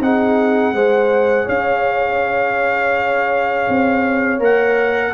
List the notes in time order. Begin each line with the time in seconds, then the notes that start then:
0.00 C4 D#4 G#4 F#5
0.73 G#3 G#4 C5
1.45 C#4 C#5 F5
3.68 C4
4.39 A#3 A#4 F#5